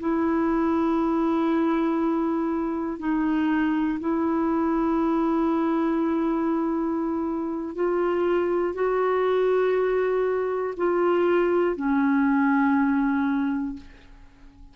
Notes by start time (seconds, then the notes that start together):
0.00 E4
2.99 D#4
4.00 E4
7.75 F4
8.75 F#4
10.77 F4
11.76 C#4